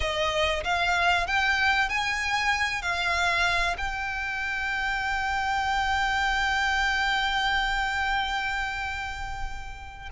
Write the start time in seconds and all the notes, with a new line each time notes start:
0.00 D#5
0.63 F5
1.26 G5
1.89 G#5
2.81 F5
3.77 G5